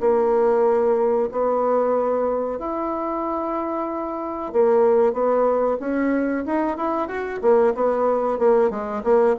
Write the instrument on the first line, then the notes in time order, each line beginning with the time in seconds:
bassoon
0.00 A#3
1.31 B3
2.59 E4
4.52 A#3
5.13 B3
5.80 C#4
6.45 D#4
6.77 E4
7.08 F#4
7.41 A#3
7.74 B3
8.38 A#3
8.70 G#3
9.04 A#3